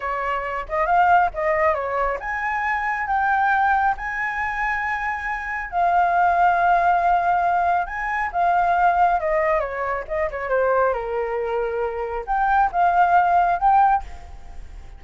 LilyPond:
\new Staff \with { instrumentName = "flute" } { \time 4/4 \tempo 4 = 137 cis''4. dis''8 f''4 dis''4 | cis''4 gis''2 g''4~ | g''4 gis''2.~ | gis''4 f''2.~ |
f''2 gis''4 f''4~ | f''4 dis''4 cis''4 dis''8 cis''8 | c''4 ais'2. | g''4 f''2 g''4 | }